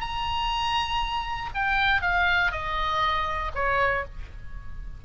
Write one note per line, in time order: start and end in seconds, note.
0.00 1.50 A#5
1.54 2.01 G5
2.01 2.51 F5
2.51 3.51 D#5
3.55 4.05 C#5